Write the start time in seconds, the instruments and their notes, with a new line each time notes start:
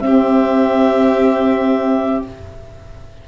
0.00 tuba C4, saxophone C4, violin G4, clarinet E5